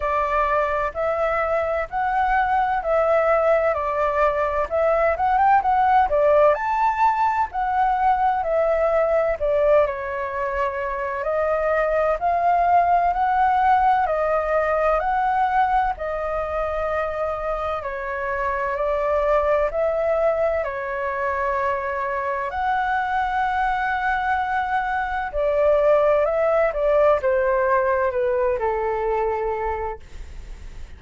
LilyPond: \new Staff \with { instrumentName = "flute" } { \time 4/4 \tempo 4 = 64 d''4 e''4 fis''4 e''4 | d''4 e''8 fis''16 g''16 fis''8 d''8 a''4 | fis''4 e''4 d''8 cis''4. | dis''4 f''4 fis''4 dis''4 |
fis''4 dis''2 cis''4 | d''4 e''4 cis''2 | fis''2. d''4 | e''8 d''8 c''4 b'8 a'4. | }